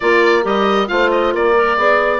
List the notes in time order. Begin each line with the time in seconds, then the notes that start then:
0.00 A#3 F4 A#4 D5
0.42 G3 G4 D#5
0.87 A3 F4 C5 F5
1.11 D#5
1.34 A#3 A#4 D5
1.55 A#4
1.77 B3 G#4 D5